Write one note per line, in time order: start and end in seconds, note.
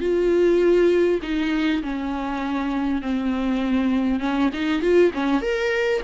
0.00 1.20 F4
1.22 1.82 D#4
1.82 3.02 C#4
3.02 4.20 C4
4.20 4.50 C#4
4.53 4.82 D#4
4.82 5.12 F4
5.14 5.41 C#4
5.41 6.01 A#4